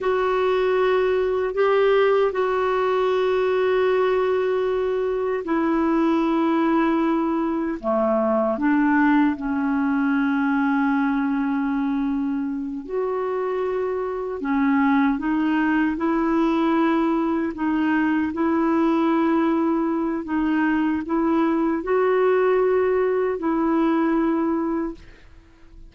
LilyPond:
\new Staff \with { instrumentName = "clarinet" } { \time 4/4 \tempo 4 = 77 fis'2 g'4 fis'4~ | fis'2. e'4~ | e'2 a4 d'4 | cis'1~ |
cis'8 fis'2 cis'4 dis'8~ | dis'8 e'2 dis'4 e'8~ | e'2 dis'4 e'4 | fis'2 e'2 | }